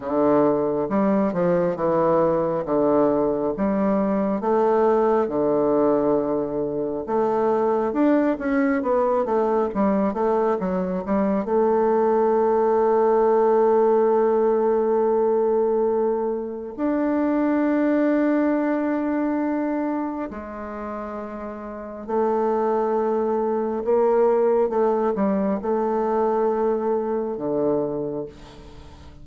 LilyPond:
\new Staff \with { instrumentName = "bassoon" } { \time 4/4 \tempo 4 = 68 d4 g8 f8 e4 d4 | g4 a4 d2 | a4 d'8 cis'8 b8 a8 g8 a8 | fis8 g8 a2.~ |
a2. d'4~ | d'2. gis4~ | gis4 a2 ais4 | a8 g8 a2 d4 | }